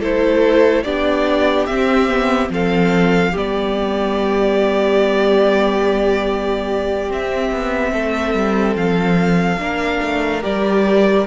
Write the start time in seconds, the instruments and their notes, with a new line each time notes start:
0.00 cello A3, viola E4, violin A4 C5
0.83 cello B3, viola D4, violin G4 D5
1.65 cello C4, viola C4, violin E5
2.07 viola B3
2.49 cello F3, viola C4, violin A4 F5
3.32 cello G3, viola B3, violin G4 D5
7.07 viola C4, cello C4, violin E5
7.51 cello B3
7.92 cello A3, violin A4
8.33 cello G3
8.75 cello F3, violin F5
9.57 cello A#3, viola D4, violin A#4
10.02 cello A3
10.41 cello G3, viola G4, violin D5